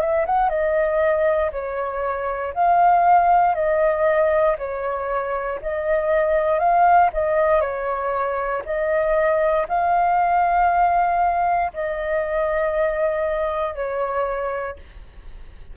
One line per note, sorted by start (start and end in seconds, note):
0.00 0.25 E5
0.26 0.49 F#5
0.49 1.51 D#5
1.52 2.53 C#5
2.54 3.55 F5
3.55 4.56 D#5
4.58 5.59 C#5
5.62 6.59 D#5
6.59 7.10 F5
7.13 7.61 D#5
7.61 8.63 C#5
8.65 9.67 D#5
9.68 11.72 F5
11.74 13.75 D#5
13.75 14.76 C#5